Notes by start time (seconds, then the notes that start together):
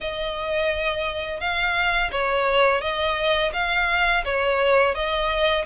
0.00 D#5
1.40 F5
2.11 C#5
2.81 D#5
3.53 F5
4.24 C#5
4.94 D#5